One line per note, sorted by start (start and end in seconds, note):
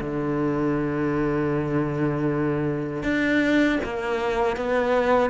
0.00 3.03 D3
3.03 3.79 D4
3.84 4.57 A#3
4.57 5.30 B3